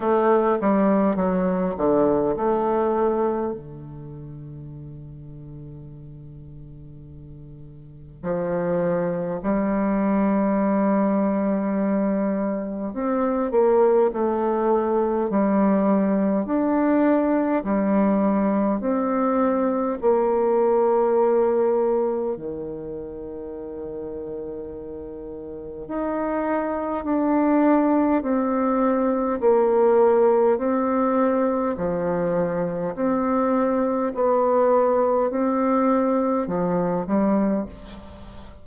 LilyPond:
\new Staff \with { instrumentName = "bassoon" } { \time 4/4 \tempo 4 = 51 a8 g8 fis8 d8 a4 d4~ | d2. f4 | g2. c'8 ais8 | a4 g4 d'4 g4 |
c'4 ais2 dis4~ | dis2 dis'4 d'4 | c'4 ais4 c'4 f4 | c'4 b4 c'4 f8 g8 | }